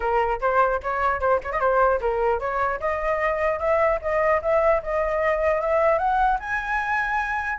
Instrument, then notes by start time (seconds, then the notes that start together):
flute
0.00 A#4
0.40 C5
0.82 C#5
1.20 C5
1.43 C#5
1.51 D#5
1.60 C5
2.00 A#4
2.39 C#5
2.79 D#5
3.59 E5
4.01 D#5
4.42 E5
4.82 D#5
5.61 E5
5.98 F#5
6.39 G#5